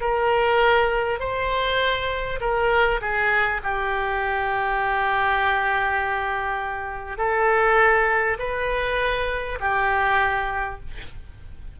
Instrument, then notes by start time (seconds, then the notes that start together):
oboe
0.00 A#4
1.19 C5
2.40 A#4
3.01 G#4
3.63 G4
7.17 A4
8.38 B4
9.59 G4